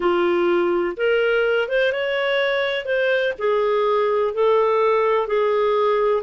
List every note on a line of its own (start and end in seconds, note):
0.00 0.96 F4
0.96 1.68 A#4
1.68 1.92 C5
1.92 2.85 C#5
2.85 3.33 C5
3.38 4.34 G#4
4.34 5.27 A4
5.27 6.23 G#4